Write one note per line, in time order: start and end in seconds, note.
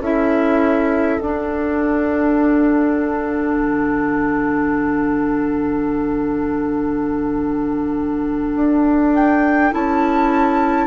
0.00 1.18 C#4
0.00 1.20 E4
0.00 10.87 A4
0.00 1.21 E5
1.21 9.72 D4
1.21 3.56 D4
1.21 9.14 F#5
3.56 8.55 D3
8.55 9.73 D4
9.14 9.73 G5
9.72 10.87 C#4
9.72 10.87 E4
9.72 10.87 A5